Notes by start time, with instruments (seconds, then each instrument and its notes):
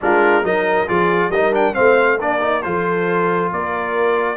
0.01 tuba G#3, trombone D4, horn F4, trumpet A#4
0.43 tuba F#3, trombone D#4, horn A#4, trumpet D#5
0.87 tuba F3, trombone F4, horn G#4, trumpet D5
1.29 tuba G3, trombone D#4, horn A#4, trumpet D#5
1.52 trombone D4, trumpet G5
1.74 tuba A3, trombone C4, horn C5, trumpet F5
2.18 tuba A#3, trombone D4, horn A#4, trumpet D5
2.40 trombone D#4
2.62 tuba F3, trombone F4, horn A4, trumpet C5
3.52 tuba A#3, horn A#4, trumpet D5